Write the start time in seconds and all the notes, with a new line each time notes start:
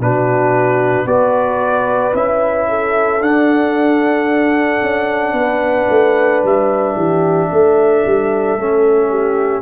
0.00 B2 D4 F#4 B4
1.06 B3 F#4 B4 D5
2.14 C#4 E4 E5
2.69 A4
3.21 D4 F#5
4.82 C#4
5.33 B3 B4
5.90 A3
6.44 G3 E5
6.96 E3 G4
7.51 A3 A4
8.06 G3
8.56 A3 C#4
9.10 G4